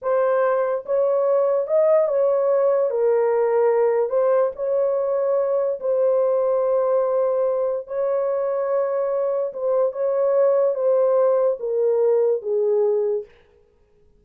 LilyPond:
\new Staff \with { instrumentName = "horn" } { \time 4/4 \tempo 4 = 145 c''2 cis''2 | dis''4 cis''2 ais'4~ | ais'2 c''4 cis''4~ | cis''2 c''2~ |
c''2. cis''4~ | cis''2. c''4 | cis''2 c''2 | ais'2 gis'2 | }